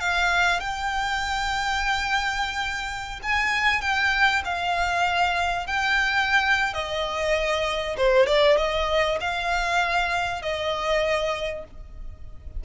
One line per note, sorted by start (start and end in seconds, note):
0.00 0.60 F5
0.60 3.20 G5
3.23 3.81 G#5
3.81 4.42 G5
4.45 5.67 F5
5.67 6.74 G5
6.74 7.96 D#5
7.97 8.27 C5
8.27 8.57 D5
8.57 9.19 D#5
9.21 10.42 F5
10.42 11.65 D#5